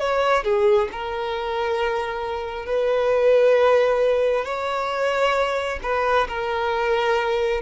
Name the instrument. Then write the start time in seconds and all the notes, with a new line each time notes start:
violin
0.00 C#5
0.44 G#4
0.92 A#4
2.66 B4
4.45 C#5
5.83 B4
6.28 A#4